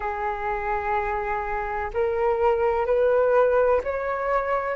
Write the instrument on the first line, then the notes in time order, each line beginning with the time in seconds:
flute
0.00 G#4
1.93 A#4
2.86 B4
3.84 C#5